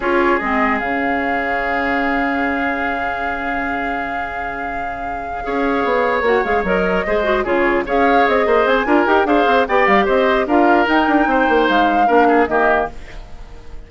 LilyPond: <<
  \new Staff \with { instrumentName = "flute" } { \time 4/4 \tempo 4 = 149 cis''4 dis''4 f''2~ | f''1~ | f''1~ | f''2.~ f''8 fis''8 |
f''8 dis''2 cis''4 f''8~ | f''8 dis''4 gis''4 g''8 f''4 | g''8 f''8 dis''4 f''4 g''4~ | g''4 f''2 dis''4 | }
  \new Staff \with { instrumentName = "oboe" } { \time 4/4 gis'1~ | gis'1~ | gis'1~ | gis'4. cis''2~ cis''8~ |
cis''4. c''4 gis'4 cis''8~ | cis''4 c''4 ais'4 c''4 | d''4 c''4 ais'2 | c''2 ais'8 gis'8 g'4 | }
  \new Staff \with { instrumentName = "clarinet" } { \time 4/4 f'4 c'4 cis'2~ | cis'1~ | cis'1~ | cis'4. gis'2 fis'8 |
gis'8 ais'4 gis'8 fis'8 f'4 gis'8~ | gis'2 f'8 g'8 gis'4 | g'2 f'4 dis'4~ | dis'2 d'4 ais4 | }
  \new Staff \with { instrumentName = "bassoon" } { \time 4/4 cis'4 gis4 cis2~ | cis1~ | cis1~ | cis4. cis'4 b4 ais8 |
gis8 fis4 gis4 cis4 cis'8~ | cis'8 c'8 ais8 c'8 d'8 dis'8 d'8 c'8 | b8 g8 c'4 d'4 dis'8 d'8 | c'8 ais8 gis4 ais4 dis4 | }
>>